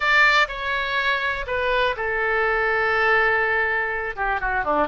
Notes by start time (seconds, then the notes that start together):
0.00 D5
0.48 C#5
1.47 B4
1.96 A4
4.16 G4
4.40 F#4
4.64 D4